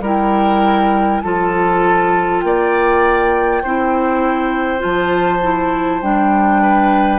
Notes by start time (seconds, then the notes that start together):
0.00 G3 E4 A#4 G5
1.21 F3 F4 A4 A5
2.41 A#3 D5 G5
3.63 C4 E4 C5
4.79 F3 F4 A5
5.42 E4
6.02 G3 D4 G5
6.62 B4